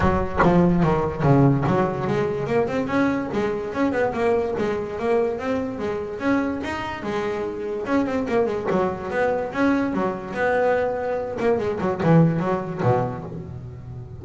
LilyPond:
\new Staff \with { instrumentName = "double bass" } { \time 4/4 \tempo 4 = 145 fis4 f4 dis4 cis4 | fis4 gis4 ais8 c'8 cis'4 | gis4 cis'8 b8 ais4 gis4 | ais4 c'4 gis4 cis'4 |
dis'4 gis2 cis'8 c'8 | ais8 gis8 fis4 b4 cis'4 | fis4 b2~ b8 ais8 | gis8 fis8 e4 fis4 b,4 | }